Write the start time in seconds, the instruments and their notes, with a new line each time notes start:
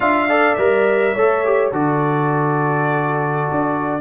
0.00 tuba D4, trombone F4, horn E5, trumpet F5
0.28 trombone A4, horn D5
0.55 tuba G3, trombone A#4, trumpet E5
1.13 tuba A3, trombone A4, horn C#5
1.44 trombone G4
1.71 tuba D3, trombone F#4, horn A4, trumpet D5
3.50 tuba D4